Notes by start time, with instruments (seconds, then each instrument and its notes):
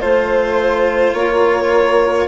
0.00 bassoon A3, cello F4, violin C5, saxophone C5
1.13 bassoon A#3, saxophone A#4, violin C#5